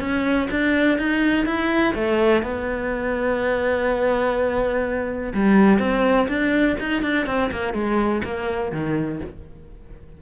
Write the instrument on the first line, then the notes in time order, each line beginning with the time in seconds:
cello
0.00 C#4
0.51 D4
0.99 D#4
1.46 E4
1.95 A3
2.43 B3
5.34 G3
5.80 C4
6.29 D4
6.80 D#4
7.02 D4
7.27 C4
7.52 A#3
7.74 G#3
8.25 A#3
8.72 D#3